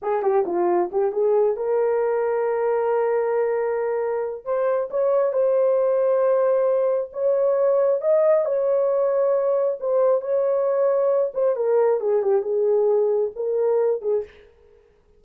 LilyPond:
\new Staff \with { instrumentName = "horn" } { \time 4/4 \tempo 4 = 135 gis'8 g'8 f'4 g'8 gis'4 ais'8~ | ais'1~ | ais'2 c''4 cis''4 | c''1 |
cis''2 dis''4 cis''4~ | cis''2 c''4 cis''4~ | cis''4. c''8 ais'4 gis'8 g'8 | gis'2 ais'4. gis'8 | }